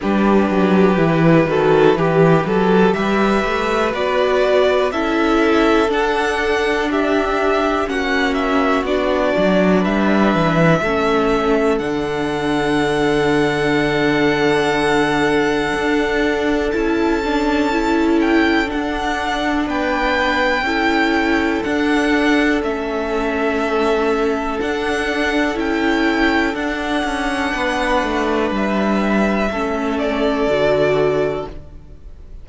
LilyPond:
<<
  \new Staff \with { instrumentName = "violin" } { \time 4/4 \tempo 4 = 61 b'2. e''4 | d''4 e''4 fis''4 e''4 | fis''8 e''8 d''4 e''2 | fis''1~ |
fis''4 a''4. g''8 fis''4 | g''2 fis''4 e''4~ | e''4 fis''4 g''4 fis''4~ | fis''4 e''4. d''4. | }
  \new Staff \with { instrumentName = "violin" } { \time 4/4 g'4. a'8 g'8 a'8 b'4~ | b'4 a'2 g'4 | fis'2 b'4 a'4~ | a'1~ |
a'1 | b'4 a'2.~ | a'1 | b'2 a'2 | }
  \new Staff \with { instrumentName = "viola" } { \time 4/4 d'4 e'8 fis'8 g'2 | fis'4 e'4 d'2 | cis'4 d'2 cis'4 | d'1~ |
d'4 e'8 d'8 e'4 d'4~ | d'4 e'4 d'4 cis'4~ | cis'4 d'4 e'4 d'4~ | d'2 cis'4 fis'4 | }
  \new Staff \with { instrumentName = "cello" } { \time 4/4 g8 fis8 e8 dis8 e8 fis8 g8 a8 | b4 cis'4 d'2 | ais4 b8 fis8 g8 e8 a4 | d1 |
d'4 cis'2 d'4 | b4 cis'4 d'4 a4~ | a4 d'4 cis'4 d'8 cis'8 | b8 a8 g4 a4 d4 | }
>>